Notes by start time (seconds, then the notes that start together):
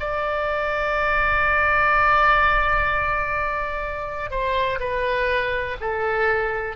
0.00 D5
4.31 C5
4.80 B4
5.81 A4